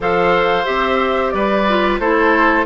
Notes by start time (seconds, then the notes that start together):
0.00 F3 A4 C5 F5
0.65 C4 G4 E5
1.31 G3 B4 D5
1.68 F4
1.99 A3 E4 A4 C5